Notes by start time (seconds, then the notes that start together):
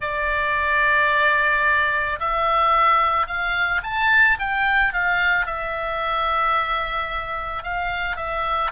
0.00 D5
2.19 E5
3.26 F5
3.83 A5
4.39 G5
4.93 F5
5.45 E5
7.63 F5
8.16 E5